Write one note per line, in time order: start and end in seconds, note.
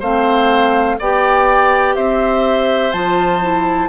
0.00 0.98 A3
0.00 0.99 C4
0.00 0.97 C5
0.00 0.99 F5
0.99 1.97 B3
0.99 2.94 G4
0.99 1.96 D5
0.99 1.96 G5
1.96 2.93 C4
1.96 3.89 C5
1.96 2.93 E5
2.93 3.89 F3
2.93 3.42 F4
2.93 3.89 A5
3.42 3.89 E4